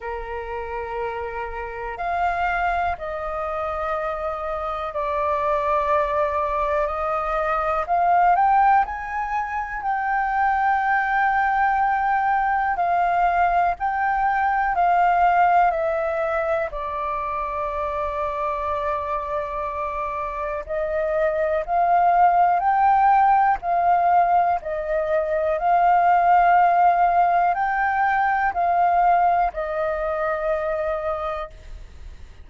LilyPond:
\new Staff \with { instrumentName = "flute" } { \time 4/4 \tempo 4 = 61 ais'2 f''4 dis''4~ | dis''4 d''2 dis''4 | f''8 g''8 gis''4 g''2~ | g''4 f''4 g''4 f''4 |
e''4 d''2.~ | d''4 dis''4 f''4 g''4 | f''4 dis''4 f''2 | g''4 f''4 dis''2 | }